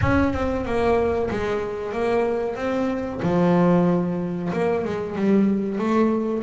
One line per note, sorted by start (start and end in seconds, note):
0.01 0.33 C#4
0.33 0.65 C4
0.65 1.29 A#3
1.30 1.92 G#3
1.92 2.55 A#3
2.55 3.20 C4
3.22 4.51 F3
4.52 4.84 A#3
4.84 5.15 G#3
5.15 5.78 G3
5.78 6.43 A3